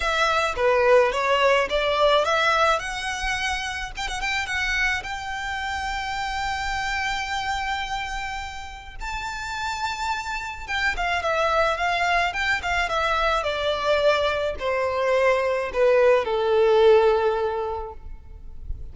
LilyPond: \new Staff \with { instrumentName = "violin" } { \time 4/4 \tempo 4 = 107 e''4 b'4 cis''4 d''4 | e''4 fis''2 g''16 fis''16 g''8 | fis''4 g''2.~ | g''1 |
a''2. g''8 f''8 | e''4 f''4 g''8 f''8 e''4 | d''2 c''2 | b'4 a'2. | }